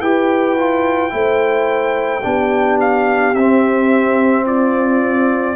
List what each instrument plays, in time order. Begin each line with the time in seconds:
0.00 tuba E4, trombone G4, horn B4, trumpet G5
0.58 trombone F4
1.09 tuba A3, trombone E4, horn C5
2.23 tuba B3, trombone D4, horn G4
2.80 trumpet F5
3.33 tuba C4, trumpet E5
3.40 trombone C4
4.45 horn F4, trumpet D5